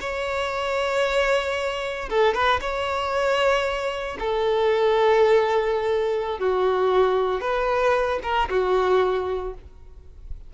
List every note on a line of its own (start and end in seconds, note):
0.00 2.09 C#5
2.09 2.34 A4
2.34 2.60 B4
2.60 4.17 C#5
4.19 6.39 A4
6.39 7.41 F#4
7.41 8.19 B4
8.22 8.49 A#4
8.49 9.54 F#4